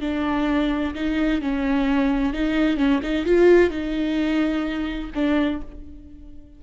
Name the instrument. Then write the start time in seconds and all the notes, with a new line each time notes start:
viola
0.00 D4
0.94 D#4
1.41 C#4
2.33 D#4
2.77 C#4
3.02 D#4
3.25 F4
3.70 D#4
5.14 D4